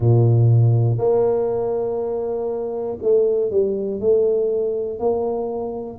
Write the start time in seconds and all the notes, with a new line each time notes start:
0.00 A#2
0.97 A#3
3.02 A3
3.50 G3
4.00 A3
4.99 A#3